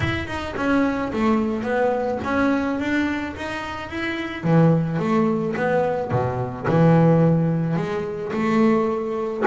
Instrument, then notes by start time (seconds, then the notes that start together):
double bass
0.00 E4
0.27 D#4
0.56 C#4
1.12 A3
1.63 B3
2.24 C#4
2.79 D4
3.36 D#4
3.89 E4
4.43 E3
4.98 A3
5.56 B3
6.11 B2
6.68 E3
7.76 G#3
8.32 A3